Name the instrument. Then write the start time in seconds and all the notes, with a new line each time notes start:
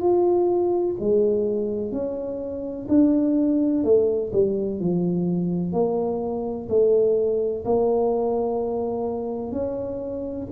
tuba
0.00 F4
1.00 G#3
1.91 C#4
2.88 D4
3.84 A3
4.32 G3
4.79 F3
5.72 A#3
6.68 A3
7.65 A#3
9.52 C#4